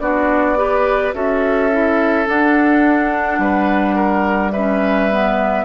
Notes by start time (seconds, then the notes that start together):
0.00 B3 D4 F#4 D5
0.57 G4 B4
1.13 C#4 F#4 A4 E5
1.72 E4
2.26 D4 F#5
3.39 G3 B4
3.96 A#4
4.52 C#4 B4 E5
5.11 B3